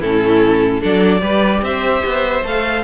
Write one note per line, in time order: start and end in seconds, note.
0.00 0.82 A2
0.00 0.81 C#4
0.00 0.80 E4
0.00 0.83 A4
0.80 1.21 F#3
0.80 1.19 D4
0.80 1.21 A4
0.80 1.64 D5
1.19 1.62 G3
1.19 2.41 G4
1.19 1.62 B4
1.62 2.02 C4
1.62 2.84 C5
1.62 2.45 E5
2.05 2.43 B3
2.43 2.83 A3
2.43 2.84 A4
2.43 2.84 F5